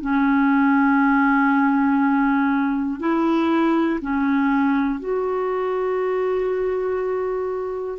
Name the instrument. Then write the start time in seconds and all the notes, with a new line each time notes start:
clarinet
0.00 C#4
2.99 E4
4.00 C#4
5.00 F#4